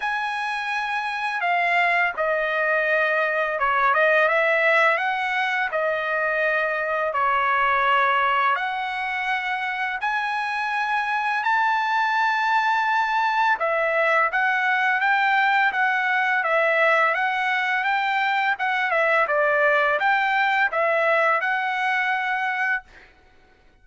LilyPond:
\new Staff \with { instrumentName = "trumpet" } { \time 4/4 \tempo 4 = 84 gis''2 f''4 dis''4~ | dis''4 cis''8 dis''8 e''4 fis''4 | dis''2 cis''2 | fis''2 gis''2 |
a''2. e''4 | fis''4 g''4 fis''4 e''4 | fis''4 g''4 fis''8 e''8 d''4 | g''4 e''4 fis''2 | }